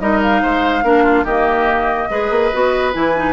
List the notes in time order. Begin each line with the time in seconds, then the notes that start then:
0.00 G3 D#4 A#4 D#5
0.22 F5
0.42 G#3 C5
0.83 A#3 D4 A#4
1.04 F4
1.24 D#3 A#3 G4 D#5
2.10 G#3 G#4 B4
2.30 A#3
2.53 B3 F#4
2.94 E3 E4 G#5
3.17 D#4